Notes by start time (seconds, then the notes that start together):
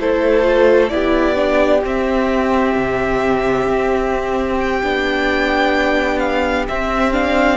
0.00 A3 E4 A4 C5
0.43 F4
0.89 B3 E4 G4 D5
1.36 D4
1.83 C4 E5
2.76 C3
3.68 C4
4.60 G5
4.83 B3 D4
6.19 F5
6.69 C4 E5
7.13 D4 F5